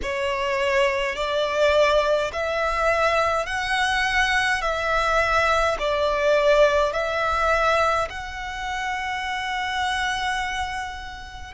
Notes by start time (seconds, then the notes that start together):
0.02 C#5
1.15 D5
2.32 E5
3.46 F#5
4.62 E5
5.78 D5
6.92 E5
8.09 F#5